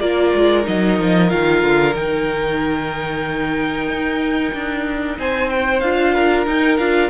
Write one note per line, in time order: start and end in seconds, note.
0.00 0.32 A#3
0.00 0.63 F4
0.00 5.17 A#4
0.00 0.65 D5
0.34 0.67 G#3
0.63 0.99 F#3
0.63 1.27 D#4
0.63 1.30 D#5
0.99 1.32 F3
1.29 1.62 D#3
1.29 1.93 F4
1.29 1.94 F5
1.62 1.95 D3
1.94 3.88 D#3
1.94 5.81 D#4
1.94 5.18 G5
3.88 4.53 D#4
4.53 5.18 D4
5.18 5.82 C4
5.18 6.14 C5
5.18 5.50 G#5
5.50 5.80 G5
5.80 6.46 D4
5.80 6.46 F4
5.80 6.45 F5
6.14 7.10 A#4
6.46 6.79 D#4
6.46 6.78 G5
6.78 7.10 D4
6.78 7.10 F4
6.78 7.10 F5